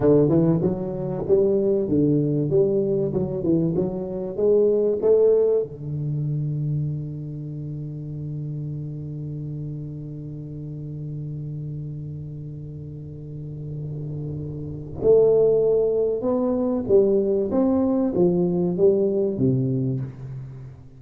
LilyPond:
\new Staff \with { instrumentName = "tuba" } { \time 4/4 \tempo 4 = 96 d8 e8 fis4 g4 d4 | g4 fis8 e8 fis4 gis4 | a4 d2.~ | d1~ |
d1~ | d1 | a2 b4 g4 | c'4 f4 g4 c4 | }